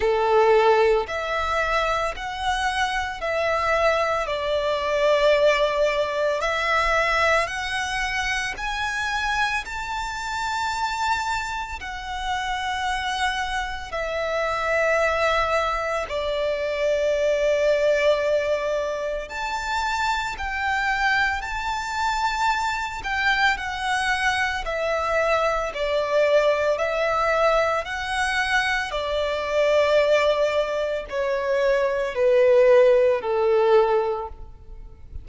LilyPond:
\new Staff \with { instrumentName = "violin" } { \time 4/4 \tempo 4 = 56 a'4 e''4 fis''4 e''4 | d''2 e''4 fis''4 | gis''4 a''2 fis''4~ | fis''4 e''2 d''4~ |
d''2 a''4 g''4 | a''4. g''8 fis''4 e''4 | d''4 e''4 fis''4 d''4~ | d''4 cis''4 b'4 a'4 | }